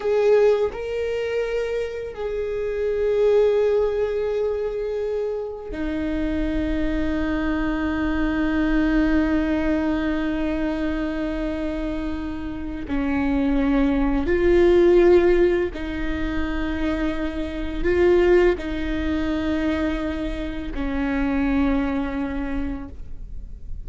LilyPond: \new Staff \with { instrumentName = "viola" } { \time 4/4 \tempo 4 = 84 gis'4 ais'2 gis'4~ | gis'1 | dis'1~ | dis'1~ |
dis'2 cis'2 | f'2 dis'2~ | dis'4 f'4 dis'2~ | dis'4 cis'2. | }